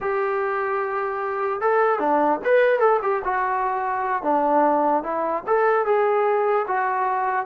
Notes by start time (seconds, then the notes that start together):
0.01 G4
1.61 A4
1.99 D4
2.44 B4
2.79 A4
3.02 G4
3.24 F#4
4.23 D4
5.03 E4
5.46 A4
5.85 G#4
6.67 F#4